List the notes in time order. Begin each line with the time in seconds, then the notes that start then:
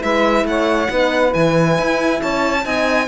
0.00 G#3 E4 B4 E5
0.44 A3 C#5 F#5
0.89 B3 D#4 B4
1.30 E3 E4 G#5
1.78 E4
2.20 C#4 C#5 A5
2.64 C4 D#4 D#5 G#5